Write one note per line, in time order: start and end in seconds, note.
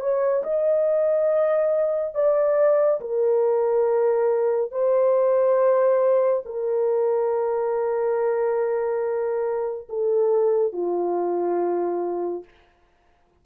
0.00 0.43 C#5
0.43 2.14 D#5
2.14 3.00 D5
3.00 4.71 A#4
4.71 6.43 C5
6.45 9.88 A#4
9.89 10.73 A4
10.73 12.44 F4